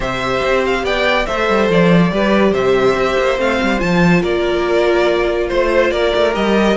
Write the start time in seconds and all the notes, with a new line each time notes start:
0.00 C3 G4 C5 E5
0.43 C4
0.65 F5
0.83 B3 D5 G5
1.26 A3 A4 C5 E5
1.48 G3
1.69 F3 D5
2.11 G3 G4 B4
2.52 C3 C5 E5
2.94 C4
3.18 A#3
3.37 A3 C4 F5
3.61 G3
3.79 F3 F4 A5
4.20 A#3 A#4 D5
5.48 A3 C5
5.90 A#3 A#4 D5
6.15 A3
6.32 G3 G4 D#5